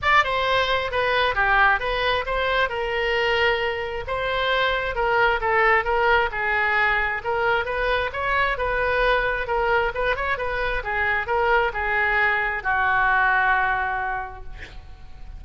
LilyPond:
\new Staff \with { instrumentName = "oboe" } { \time 4/4 \tempo 4 = 133 d''8 c''4. b'4 g'4 | b'4 c''4 ais'2~ | ais'4 c''2 ais'4 | a'4 ais'4 gis'2 |
ais'4 b'4 cis''4 b'4~ | b'4 ais'4 b'8 cis''8 b'4 | gis'4 ais'4 gis'2 | fis'1 | }